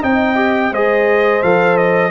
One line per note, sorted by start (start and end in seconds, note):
0.00 0.71 C4
0.00 0.36 D#4
0.00 0.71 D#5
0.00 0.74 G5
0.36 0.71 G4
0.71 1.42 G#3
0.71 1.43 G#4
0.71 2.11 C5
0.71 1.43 D#5
1.43 2.11 F3
1.43 2.11 A4
1.43 1.77 F5
1.77 2.11 D#5